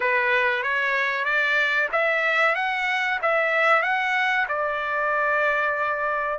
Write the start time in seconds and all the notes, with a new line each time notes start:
0.00 B4
0.62 C#5
1.24 D5
1.92 E5
2.55 F#5
3.21 E5
3.82 F#5
4.48 D5